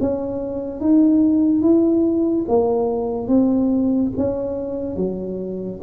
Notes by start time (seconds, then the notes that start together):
0.00 C#4
0.80 D#4
1.62 E4
2.48 A#3
3.28 C4
4.17 C#4
4.96 F#3